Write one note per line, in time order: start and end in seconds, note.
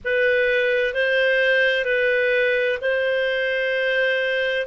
0.04 0.94 B4
0.94 1.85 C5
1.85 2.78 B4
2.81 4.66 C5